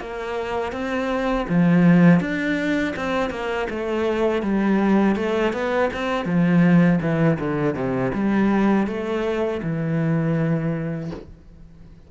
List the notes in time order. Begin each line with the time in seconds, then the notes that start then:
0.00 A#3
0.72 C4
1.48 F3
2.20 D4
2.96 C4
3.30 A#3
3.70 A3
4.42 G3
5.15 A3
5.53 B3
5.93 C4
6.25 F3
7.01 E3
7.39 D3
7.74 C3
8.13 G3
8.87 A3
9.62 E3